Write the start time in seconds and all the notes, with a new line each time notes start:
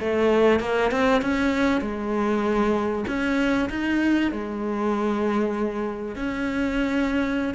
0.00 A3
0.60 A#3
0.91 C4
1.21 C#4
1.81 G#3
3.07 C#4
3.69 D#4
4.32 G#3
6.15 C#4